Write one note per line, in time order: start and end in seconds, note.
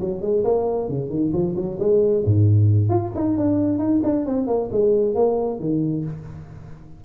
0.00 0.21 F#3
0.21 0.44 G#3
0.44 0.88 A#3
0.88 1.10 C#3
1.10 1.32 D#3
1.33 1.55 F3
1.56 1.78 F#3
1.79 2.24 G#3
2.25 2.89 G#2
2.89 3.12 F4
3.15 3.37 D#4
3.37 3.78 D4
3.78 4.01 D#4
4.03 4.26 D4
4.26 4.47 C4
4.47 4.69 A#3
4.72 5.15 G#3
5.15 5.59 A#3
5.59 6.04 D#3